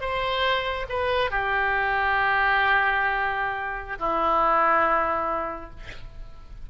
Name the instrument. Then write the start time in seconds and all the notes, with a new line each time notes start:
oboe
0.00 C5
0.88 B4
1.30 G4
3.98 E4